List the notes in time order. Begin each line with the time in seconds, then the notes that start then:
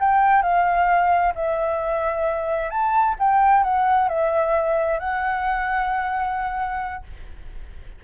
0.00 G5
0.43 F5
1.36 E5
2.70 A5
3.19 G5
3.64 F#5
4.09 E5
5.00 F#5